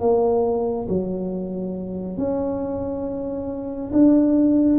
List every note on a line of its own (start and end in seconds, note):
0.00 0.87 A#3
0.89 2.17 F#3
2.17 3.91 C#4
3.92 4.79 D4